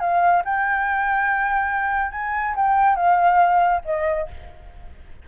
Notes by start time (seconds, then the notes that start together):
0.00 F5
0.45 G5
2.12 G#5
2.56 G5
2.96 F5
3.85 D#5